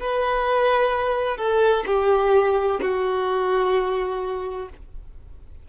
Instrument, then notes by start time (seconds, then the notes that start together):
violin
0.00 B4
1.37 A4
1.86 G4
2.81 F#4